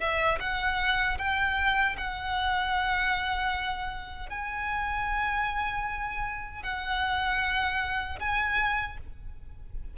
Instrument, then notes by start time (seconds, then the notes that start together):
violin
0.00 E5
0.40 F#5
1.18 G5
1.98 F#5
4.30 G#5
6.63 F#5
8.20 G#5